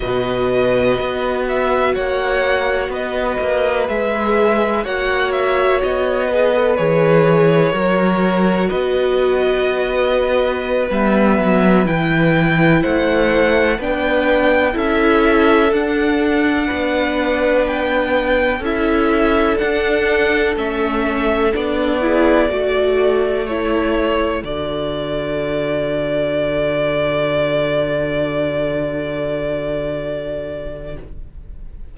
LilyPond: <<
  \new Staff \with { instrumentName = "violin" } { \time 4/4 \tempo 4 = 62 dis''4. e''8 fis''4 dis''4 | e''4 fis''8 e''8 dis''4 cis''4~ | cis''4 dis''2~ dis''16 e''8.~ | e''16 g''4 fis''4 g''4 e''8.~ |
e''16 fis''2 g''4 e''8.~ | e''16 fis''4 e''4 d''4.~ d''16~ | d''16 cis''4 d''2~ d''8.~ | d''1 | }
  \new Staff \with { instrumentName = "violin" } { \time 4/4 b'2 cis''4 b'4~ | b'4 cis''4. b'4. | ais'4 b'2.~ | b'4~ b'16 c''4 b'4 a'8.~ |
a'4~ a'16 b'2 a'8.~ | a'2~ a'8. gis'8 a'8.~ | a'1~ | a'1 | }
  \new Staff \with { instrumentName = "viola" } { \time 4/4 fis'1 | gis'4 fis'4. gis'16 a'16 gis'4 | fis'2.~ fis'16 b8.~ | b16 e'2 d'4 e'8.~ |
e'16 d'2. e'8.~ | e'16 d'4 cis'4 d'8 e'8 fis'8.~ | fis'16 e'4 fis'2~ fis'8.~ | fis'1 | }
  \new Staff \with { instrumentName = "cello" } { \time 4/4 b,4 b4 ais4 b8 ais8 | gis4 ais4 b4 e4 | fis4 b2~ b16 g8 fis16~ | fis16 e4 a4 b4 cis'8.~ |
cis'16 d'4 b2 cis'8.~ | cis'16 d'4 a4 b4 a8.~ | a4~ a16 d2~ d8.~ | d1 | }
>>